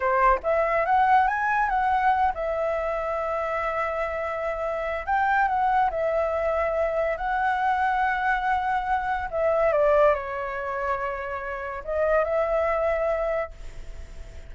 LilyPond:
\new Staff \with { instrumentName = "flute" } { \time 4/4 \tempo 4 = 142 c''4 e''4 fis''4 gis''4 | fis''4. e''2~ e''8~ | e''1 | g''4 fis''4 e''2~ |
e''4 fis''2.~ | fis''2 e''4 d''4 | cis''1 | dis''4 e''2. | }